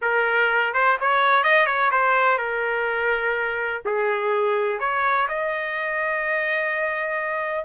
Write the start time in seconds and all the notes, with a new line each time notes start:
0.01 A#4
0.73 C5
1.00 C#5
1.43 D#5
1.66 C#5
1.91 C5
2.38 A#4
3.85 G#4
4.79 C#5
5.28 D#5